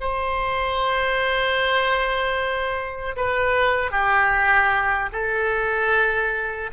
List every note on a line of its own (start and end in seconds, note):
0.00 3.16 C5
3.16 3.91 B4
3.91 5.09 G4
5.12 6.70 A4